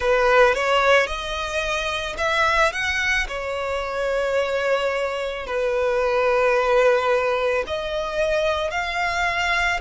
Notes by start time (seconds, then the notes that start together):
0.00 B4
0.54 C#5
1.07 D#5
2.17 E5
2.72 F#5
3.28 C#5
5.46 B4
7.67 D#5
8.70 F5